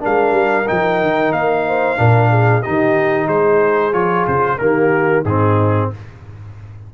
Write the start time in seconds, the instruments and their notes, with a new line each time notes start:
0.00 tuba G#3, trombone D4, horn A#4, trumpet F5
0.32 tuba G3
0.67 tuba F3, trombone D#4, trumpet G5
1.02 tuba D#3
1.32 tuba A#3, trumpet F5
1.66 horn C5
1.96 tuba A#2, trombone D4, horn A#4
2.30 horn G#4
2.62 tuba D#3, trombone D#4, horn G4, trumpet D#5
3.26 tuba G#3, horn G#4, trumpet C5
3.93 tuba F3, trombone F4, trumpet C#5
4.27 tuba C#3, trumpet C5
4.58 tuba D#3, trombone A#3, horn G4, trumpet A#4
5.24 tuba G#2, trombone C4, horn D#4, trumpet G#4